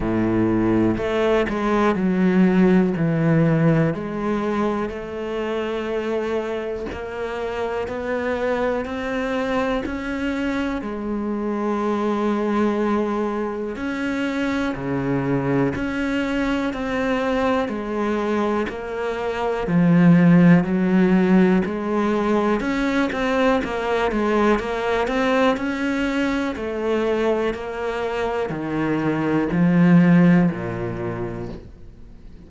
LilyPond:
\new Staff \with { instrumentName = "cello" } { \time 4/4 \tempo 4 = 61 a,4 a8 gis8 fis4 e4 | gis4 a2 ais4 | b4 c'4 cis'4 gis4~ | gis2 cis'4 cis4 |
cis'4 c'4 gis4 ais4 | f4 fis4 gis4 cis'8 c'8 | ais8 gis8 ais8 c'8 cis'4 a4 | ais4 dis4 f4 ais,4 | }